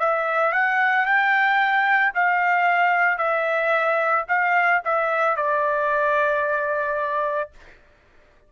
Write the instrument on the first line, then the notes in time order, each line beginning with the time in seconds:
trumpet
0.00 E5
0.53 F#5
1.06 G5
2.15 F5
3.19 E5
4.29 F5
4.86 E5
5.37 D5